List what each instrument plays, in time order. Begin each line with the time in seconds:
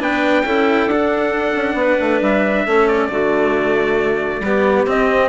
0.00 bassoon B3, cello D4, clarinet B4, trumpet G5
0.44 bassoon C#4, cello E4, clarinet A4
0.87 bassoon D4, cello D4, trumpet F#5
1.56 bassoon C#4
1.74 bassoon B3, clarinet B4
2.00 bassoon A3
2.21 bassoon G3, trumpet E5
2.66 bassoon A3, cello C#4, clarinet A4
2.88 trumpet D5
3.09 bassoon D3, cello A3, clarinet F#4
4.40 bassoon G3, cello B3, clarinet G4
4.85 bassoon C4, cello C4, trumpet D#5